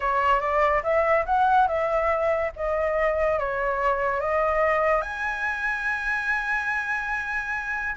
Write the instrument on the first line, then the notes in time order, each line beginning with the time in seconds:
flute
0.00 C#5
0.40 D5
0.83 E5
1.25 F#5
1.67 E5
2.56 D#5
3.39 C#5
4.20 D#5
5.01 G#5